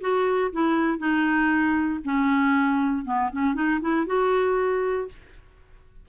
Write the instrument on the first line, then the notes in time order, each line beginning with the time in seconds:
clarinet
0.00 F#4
0.52 E4
0.98 D#4
2.04 C#4
3.05 B3
3.32 C#4
3.54 D#4
3.81 E4
4.06 F#4